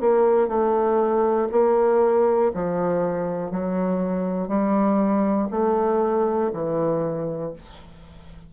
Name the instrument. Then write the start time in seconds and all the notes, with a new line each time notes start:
bassoon
0.00 A#3
0.48 A3
1.51 A#3
2.54 F3
3.50 F#3
4.48 G3
5.50 A3
6.53 E3